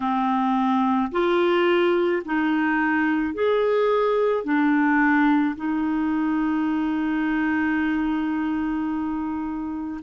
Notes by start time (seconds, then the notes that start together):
0.00 C4
1.11 F4
2.25 D#4
3.34 G#4
4.43 D4
5.56 D#4